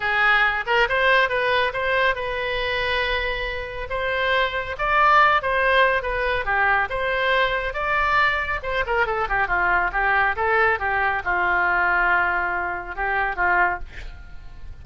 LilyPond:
\new Staff \with { instrumentName = "oboe" } { \time 4/4 \tempo 4 = 139 gis'4. ais'8 c''4 b'4 | c''4 b'2.~ | b'4 c''2 d''4~ | d''8 c''4. b'4 g'4 |
c''2 d''2 | c''8 ais'8 a'8 g'8 f'4 g'4 | a'4 g'4 f'2~ | f'2 g'4 f'4 | }